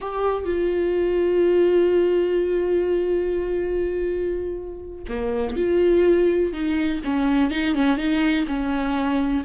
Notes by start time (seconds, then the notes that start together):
0.00 G4
0.45 F4
5.08 A#3
5.56 F4
6.53 D#4
7.04 C#4
7.50 D#4
7.74 C#4
7.97 D#4
8.47 C#4